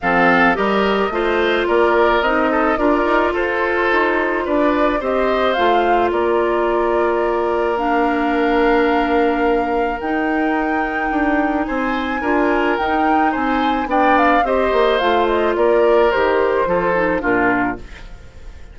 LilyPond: <<
  \new Staff \with { instrumentName = "flute" } { \time 4/4 \tempo 4 = 108 f''4 dis''2 d''4 | dis''4 d''4 c''2 | d''4 dis''4 f''4 d''4~ | d''2 f''2~ |
f''2 g''2~ | g''4 gis''2 g''4 | gis''4 g''8 f''8 dis''4 f''8 dis''8 | d''4 c''2 ais'4 | }
  \new Staff \with { instrumentName = "oboe" } { \time 4/4 a'4 ais'4 c''4 ais'4~ | ais'8 a'8 ais'4 a'2 | b'4 c''2 ais'4~ | ais'1~ |
ais'1~ | ais'4 c''4 ais'2 | c''4 d''4 c''2 | ais'2 a'4 f'4 | }
  \new Staff \with { instrumentName = "clarinet" } { \time 4/4 c'4 g'4 f'2 | dis'4 f'2.~ | f'4 g'4 f'2~ | f'2 d'2~ |
d'2 dis'2~ | dis'2 f'4 dis'4~ | dis'4 d'4 g'4 f'4~ | f'4 g'4 f'8 dis'8 d'4 | }
  \new Staff \with { instrumentName = "bassoon" } { \time 4/4 f4 g4 a4 ais4 | c'4 d'8 dis'8 f'4 dis'4 | d'4 c'4 a4 ais4~ | ais1~ |
ais2 dis'2 | d'4 c'4 d'4 dis'4 | c'4 b4 c'8 ais8 a4 | ais4 dis4 f4 ais,4 | }
>>